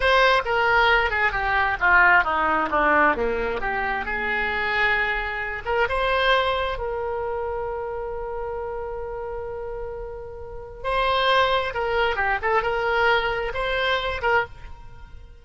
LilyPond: \new Staff \with { instrumentName = "oboe" } { \time 4/4 \tempo 4 = 133 c''4 ais'4. gis'8 g'4 | f'4 dis'4 d'4 ais4 | g'4 gis'2.~ | gis'8 ais'8 c''2 ais'4~ |
ais'1~ | ais'1 | c''2 ais'4 g'8 a'8 | ais'2 c''4. ais'8 | }